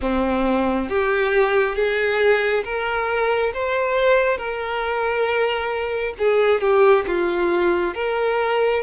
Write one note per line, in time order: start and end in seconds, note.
0.01 0.89 C4
0.89 1.75 G4
1.75 2.63 G#4
2.64 3.52 A#4
3.53 4.37 C5
4.37 6.14 A#4
6.18 6.60 G#4
6.60 7.04 G4
7.06 7.94 F4
7.94 8.82 A#4